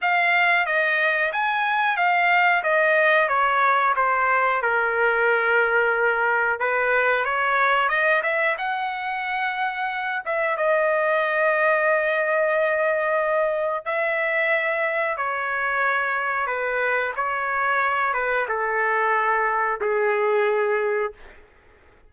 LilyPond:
\new Staff \with { instrumentName = "trumpet" } { \time 4/4 \tempo 4 = 91 f''4 dis''4 gis''4 f''4 | dis''4 cis''4 c''4 ais'4~ | ais'2 b'4 cis''4 | dis''8 e''8 fis''2~ fis''8 e''8 |
dis''1~ | dis''4 e''2 cis''4~ | cis''4 b'4 cis''4. b'8 | a'2 gis'2 | }